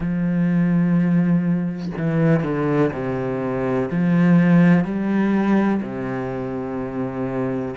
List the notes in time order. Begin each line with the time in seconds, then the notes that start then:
0.00 F3
1.97 E3
2.43 D3
2.93 C3
3.90 F3
4.84 G3
5.82 C3